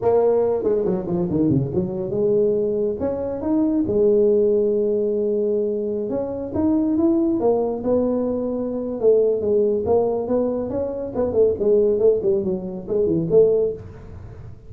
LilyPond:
\new Staff \with { instrumentName = "tuba" } { \time 4/4 \tempo 4 = 140 ais4. gis8 fis8 f8 dis8 cis8 | fis4 gis2 cis'4 | dis'4 gis2.~ | gis2~ gis16 cis'4 dis'8.~ |
dis'16 e'4 ais4 b4.~ b16~ | b4 a4 gis4 ais4 | b4 cis'4 b8 a8 gis4 | a8 g8 fis4 gis8 e8 a4 | }